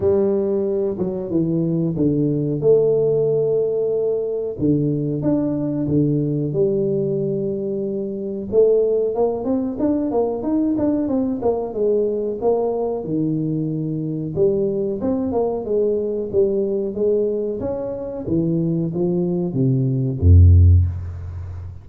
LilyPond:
\new Staff \with { instrumentName = "tuba" } { \time 4/4 \tempo 4 = 92 g4. fis8 e4 d4 | a2. d4 | d'4 d4 g2~ | g4 a4 ais8 c'8 d'8 ais8 |
dis'8 d'8 c'8 ais8 gis4 ais4 | dis2 g4 c'8 ais8 | gis4 g4 gis4 cis'4 | e4 f4 c4 f,4 | }